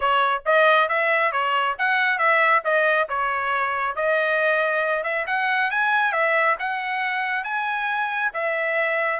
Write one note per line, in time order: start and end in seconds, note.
0.00 0.42 C#5
0.45 0.88 D#5
0.88 1.32 E5
1.32 1.76 C#5
1.78 2.18 F#5
2.18 2.62 E5
2.64 3.08 D#5
3.08 3.95 C#5
3.95 5.03 D#5
5.03 5.25 E5
5.27 5.70 F#5
5.71 6.12 G#5
6.12 6.56 E5
6.59 7.44 F#5
7.44 8.31 G#5
8.33 9.20 E5